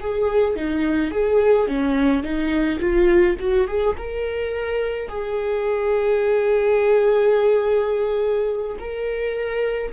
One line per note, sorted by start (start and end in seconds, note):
0.00 0.56 G#4
0.56 1.11 D#4
1.11 1.68 G#4
1.68 2.23 C#4
2.23 2.80 D#4
2.80 3.37 F4
3.40 3.68 F#4
3.68 3.96 G#4
3.98 5.09 A#4
5.09 8.77 G#4
8.79 9.93 A#4